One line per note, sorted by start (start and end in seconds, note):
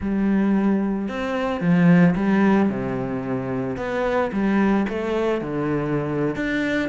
0.00 1.08 G3
1.08 1.60 C4
1.60 2.14 F3
2.15 2.69 G3
2.69 3.76 C3
3.76 4.30 B3
4.32 4.86 G3
4.88 5.41 A3
5.41 6.35 D3
6.35 6.89 D4